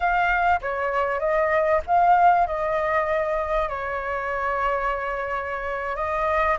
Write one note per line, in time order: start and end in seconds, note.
0.00 0.60 F5
0.61 1.19 C#5
1.19 1.81 D#5
1.86 2.46 F5
2.46 3.68 D#5
3.68 5.96 C#5
5.96 6.56 D#5